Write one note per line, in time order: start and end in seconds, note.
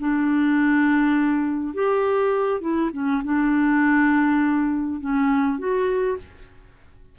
0.00 1.74 D4
1.74 2.61 G4
2.61 2.91 E4
2.93 3.23 C#4
3.24 5.01 D4
5.01 5.59 C#4
5.59 6.18 F#4